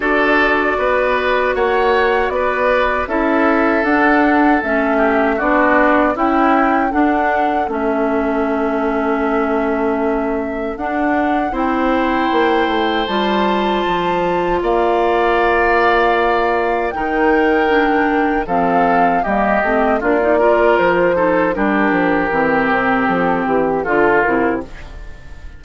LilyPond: <<
  \new Staff \with { instrumentName = "flute" } { \time 4/4 \tempo 4 = 78 d''2 fis''4 d''4 | e''4 fis''4 e''4 d''4 | g''4 fis''4 e''2~ | e''2 fis''4 g''4~ |
g''4 a''2 f''4~ | f''2 g''2 | f''4 dis''4 d''4 c''4 | ais'2 a'8 g'8 a'8 ais'8 | }
  \new Staff \with { instrumentName = "oboe" } { \time 4/4 a'4 b'4 cis''4 b'4 | a'2~ a'8 g'8 fis'4 | e'4 a'2.~ | a'2. c''4~ |
c''2. d''4~ | d''2 ais'2 | a'4 g'4 f'8 ais'4 a'8 | g'2. f'4 | }
  \new Staff \with { instrumentName = "clarinet" } { \time 4/4 fis'1 | e'4 d'4 cis'4 d'4 | e'4 d'4 cis'2~ | cis'2 d'4 e'4~ |
e'4 f'2.~ | f'2 dis'4 d'4 | c'4 ais8 c'8 d'16 dis'16 f'4 dis'8 | d'4 c'2 f'8 e'8 | }
  \new Staff \with { instrumentName = "bassoon" } { \time 4/4 d'4 b4 ais4 b4 | cis'4 d'4 a4 b4 | cis'4 d'4 a2~ | a2 d'4 c'4 |
ais8 a8 g4 f4 ais4~ | ais2 dis2 | f4 g8 a8 ais4 f4 | g8 f8 e8 c8 f8 e8 d8 c8 | }
>>